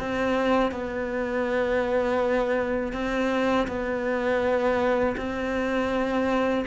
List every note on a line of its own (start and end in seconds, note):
0.00 0.72 C4
0.72 2.93 B3
2.93 3.67 C4
3.68 5.16 B3
5.17 6.65 C4